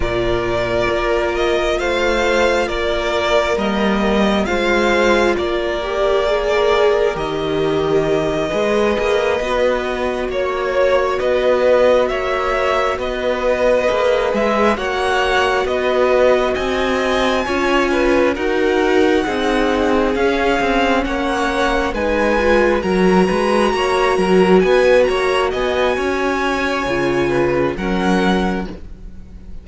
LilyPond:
<<
  \new Staff \with { instrumentName = "violin" } { \time 4/4 \tempo 4 = 67 d''4. dis''8 f''4 d''4 | dis''4 f''4 d''2 | dis''2.~ dis''8 cis''8~ | cis''8 dis''4 e''4 dis''4. |
e''8 fis''4 dis''4 gis''4.~ | gis''8 fis''2 f''4 fis''8~ | fis''8 gis''4 ais''2 gis''8 | ais''8 gis''2~ gis''8 fis''4 | }
  \new Staff \with { instrumentName = "violin" } { \time 4/4 ais'2 c''4 ais'4~ | ais'4 c''4 ais'2~ | ais'4. b'2 cis''8~ | cis''8 b'4 cis''4 b'4.~ |
b'8 cis''4 b'4 dis''4 cis''8 | b'8 ais'4 gis'2 cis''8~ | cis''8 b'4 ais'8 b'8 cis''8 ais'8 b'8 | cis''8 dis''8 cis''4. b'8 ais'4 | }
  \new Staff \with { instrumentName = "viola" } { \time 4/4 f'1 | ais4 f'4. g'8 gis'4 | g'4. gis'4 fis'4.~ | fis'2.~ fis'8 gis'8~ |
gis'8 fis'2. f'8~ | f'8 fis'4 dis'4 cis'4.~ | cis'8 dis'8 f'8 fis'2~ fis'8~ | fis'2 f'4 cis'4 | }
  \new Staff \with { instrumentName = "cello" } { \time 4/4 ais,4 ais4 a4 ais4 | g4 gis4 ais2 | dis4. gis8 ais8 b4 ais8~ | ais8 b4 ais4 b4 ais8 |
gis8 ais4 b4 c'4 cis'8~ | cis'8 dis'4 c'4 cis'8 c'8 ais8~ | ais8 gis4 fis8 gis8 ais8 fis8 b8 | ais8 b8 cis'4 cis4 fis4 | }
>>